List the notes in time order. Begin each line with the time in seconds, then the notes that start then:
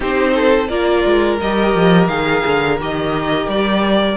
0.00 C4 D#4 G4 C5
0.35 A4
0.67 A#3 F4 A#4 D5
1.05 G#3
1.40 G3 G4 D#5
1.74 F3
2.07 D#3 G#4 F5
2.46 D3
2.79 D#3 G4 D#5
3.46 G3 D5